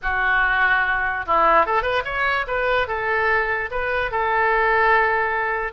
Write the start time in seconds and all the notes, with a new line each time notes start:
0.02 F#4
1.26 E4
1.66 A4
1.82 B4
2.05 C#5
2.47 B4
2.87 A4
3.70 B4
4.11 A4